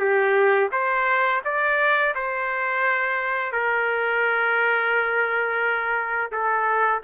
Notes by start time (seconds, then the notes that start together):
0.00 G4
0.72 C5
1.45 D5
2.15 C5
3.52 A#4
6.32 A4